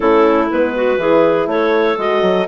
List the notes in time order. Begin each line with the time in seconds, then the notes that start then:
0.00 A3 C#4 E4 A4
0.50 G#3 B3 B4
0.74 F#4
0.97 E3 E4 G#4
1.46 A3 A4 C#5
1.97 G#3 F#4 D#5
2.22 F#3